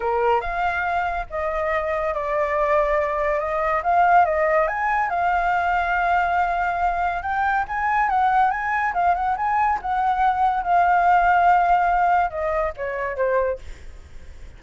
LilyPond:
\new Staff \with { instrumentName = "flute" } { \time 4/4 \tempo 4 = 141 ais'4 f''2 dis''4~ | dis''4 d''2. | dis''4 f''4 dis''4 gis''4 | f''1~ |
f''4 g''4 gis''4 fis''4 | gis''4 f''8 fis''8 gis''4 fis''4~ | fis''4 f''2.~ | f''4 dis''4 cis''4 c''4 | }